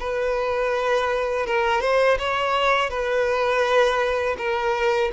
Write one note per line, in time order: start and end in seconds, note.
0.00 1.46 B4
1.46 1.81 A#4
1.81 2.18 C5
2.19 2.90 C#5
2.90 4.36 B4
4.38 5.12 A#4